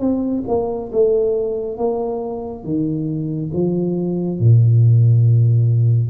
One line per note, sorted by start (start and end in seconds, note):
0.00 0.43 C4
0.48 0.91 A#3
0.92 1.78 A3
1.78 2.64 A#3
2.64 3.51 D#3
3.53 4.40 F3
4.40 6.10 A#2